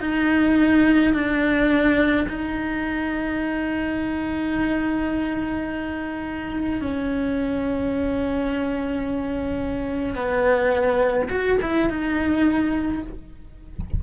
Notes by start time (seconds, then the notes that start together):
0.00 D#4
1.13 D4
2.28 D#4
6.81 C#4
10.15 B3
11.29 F#4
11.61 E4
11.89 D#4